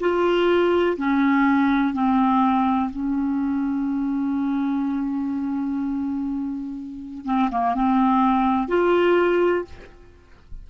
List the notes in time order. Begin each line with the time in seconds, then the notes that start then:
0.00 F4
0.97 C#4
1.94 C4
2.90 C#4
7.25 C4
7.51 A#3
7.75 C4
8.68 F4